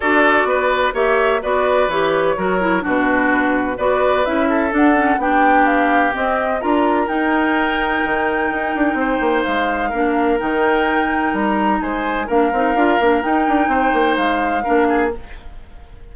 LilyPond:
<<
  \new Staff \with { instrumentName = "flute" } { \time 4/4 \tempo 4 = 127 d''2 e''4 d''4 | cis''2 b'2 | d''4 e''4 fis''4 g''4 | f''4 dis''4 ais''4 g''4~ |
g''1 | f''2 g''2 | ais''4 gis''4 f''2 | g''2 f''2 | }
  \new Staff \with { instrumentName = "oboe" } { \time 4/4 a'4 b'4 cis''4 b'4~ | b'4 ais'4 fis'2 | b'4. a'4. g'4~ | g'2 ais'2~ |
ais'2. c''4~ | c''4 ais'2.~ | ais'4 c''4 ais'2~ | ais'4 c''2 ais'8 gis'8 | }
  \new Staff \with { instrumentName = "clarinet" } { \time 4/4 fis'2 g'4 fis'4 | g'4 fis'8 e'8 d'2 | fis'4 e'4 d'8 cis'8 d'4~ | d'4 c'4 f'4 dis'4~ |
dis'1~ | dis'4 d'4 dis'2~ | dis'2 d'8 dis'8 f'8 d'8 | dis'2. d'4 | }
  \new Staff \with { instrumentName = "bassoon" } { \time 4/4 d'4 b4 ais4 b4 | e4 fis4 b,2 | b4 cis'4 d'4 b4~ | b4 c'4 d'4 dis'4~ |
dis'4 dis4 dis'8 d'8 c'8 ais8 | gis4 ais4 dis2 | g4 gis4 ais8 c'8 d'8 ais8 | dis'8 d'8 c'8 ais8 gis4 ais4 | }
>>